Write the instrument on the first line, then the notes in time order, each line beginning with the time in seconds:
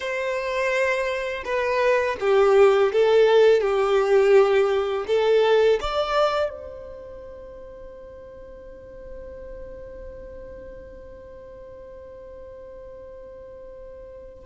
violin
0.00 C5
1.44 B4
2.19 G4
2.92 A4
3.60 G4
5.07 A4
5.80 D5
6.49 C5